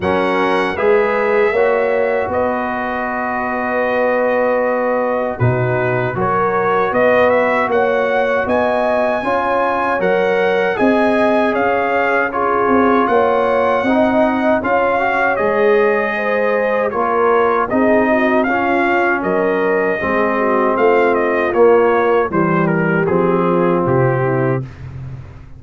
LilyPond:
<<
  \new Staff \with { instrumentName = "trumpet" } { \time 4/4 \tempo 4 = 78 fis''4 e''2 dis''4~ | dis''2. b'4 | cis''4 dis''8 e''8 fis''4 gis''4~ | gis''4 fis''4 gis''4 f''4 |
cis''4 fis''2 f''4 | dis''2 cis''4 dis''4 | f''4 dis''2 f''8 dis''8 | cis''4 c''8 ais'8 gis'4 g'4 | }
  \new Staff \with { instrumentName = "horn" } { \time 4/4 ais'4 b'4 cis''4 b'4~ | b'2. fis'4 | ais'4 b'4 cis''4 dis''4 | cis''2 dis''4 cis''4 |
gis'4 cis''4 dis''4 cis''4~ | cis''4 c''4 ais'4 gis'8 fis'8 | f'4 ais'4 gis'8 fis'8 f'4~ | f'4 g'4. f'4 e'8 | }
  \new Staff \with { instrumentName = "trombone" } { \time 4/4 cis'4 gis'4 fis'2~ | fis'2. dis'4 | fis'1 | f'4 ais'4 gis'2 |
f'2 dis'4 f'8 fis'8 | gis'2 f'4 dis'4 | cis'2 c'2 | ais4 g4 c'2 | }
  \new Staff \with { instrumentName = "tuba" } { \time 4/4 fis4 gis4 ais4 b4~ | b2. b,4 | fis4 b4 ais4 b4 | cis'4 fis4 c'4 cis'4~ |
cis'8 c'8 ais4 c'4 cis'4 | gis2 ais4 c'4 | cis'4 fis4 gis4 a4 | ais4 e4 f4 c4 | }
>>